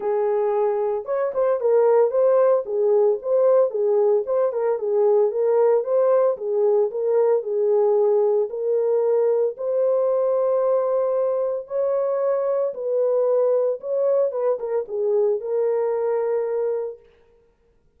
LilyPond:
\new Staff \with { instrumentName = "horn" } { \time 4/4 \tempo 4 = 113 gis'2 cis''8 c''8 ais'4 | c''4 gis'4 c''4 gis'4 | c''8 ais'8 gis'4 ais'4 c''4 | gis'4 ais'4 gis'2 |
ais'2 c''2~ | c''2 cis''2 | b'2 cis''4 b'8 ais'8 | gis'4 ais'2. | }